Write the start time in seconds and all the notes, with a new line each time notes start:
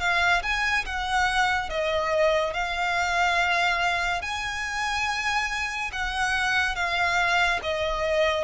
0.00 F5
0.43 G#5
0.85 F#5
1.69 D#5
2.54 F5
4.22 G#5
5.92 F#5
6.76 F5
7.63 D#5